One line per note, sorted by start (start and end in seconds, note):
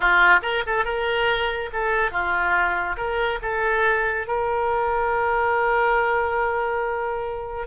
0.00 0.40 F4
0.42 0.63 A#4
0.66 0.85 A4
0.85 1.70 A#4
1.72 2.11 A4
2.11 2.96 F4
2.96 3.39 A#4
3.42 4.27 A4
4.27 7.67 A#4